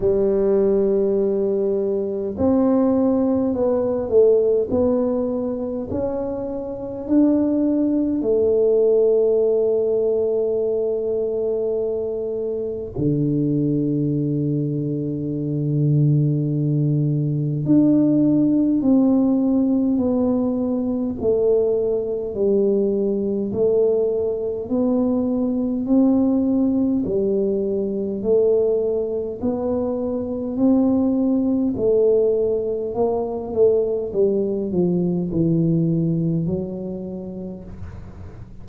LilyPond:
\new Staff \with { instrumentName = "tuba" } { \time 4/4 \tempo 4 = 51 g2 c'4 b8 a8 | b4 cis'4 d'4 a4~ | a2. d4~ | d2. d'4 |
c'4 b4 a4 g4 | a4 b4 c'4 g4 | a4 b4 c'4 a4 | ais8 a8 g8 f8 e4 fis4 | }